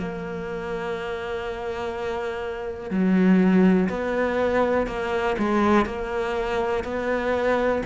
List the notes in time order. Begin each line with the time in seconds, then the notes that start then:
0.00 A#3
2.91 F#3
3.89 B3
4.87 A#3
5.39 G#3
5.86 A#3
6.84 B3